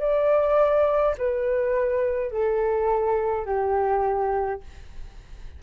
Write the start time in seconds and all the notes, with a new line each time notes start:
0.00 D5
1.19 B4
2.31 A4
3.46 G4